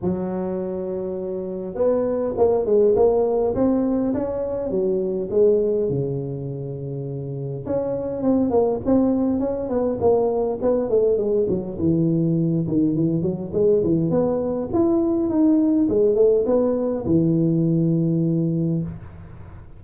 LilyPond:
\new Staff \with { instrumentName = "tuba" } { \time 4/4 \tempo 4 = 102 fis2. b4 | ais8 gis8 ais4 c'4 cis'4 | fis4 gis4 cis2~ | cis4 cis'4 c'8 ais8 c'4 |
cis'8 b8 ais4 b8 a8 gis8 fis8 | e4. dis8 e8 fis8 gis8 e8 | b4 e'4 dis'4 gis8 a8 | b4 e2. | }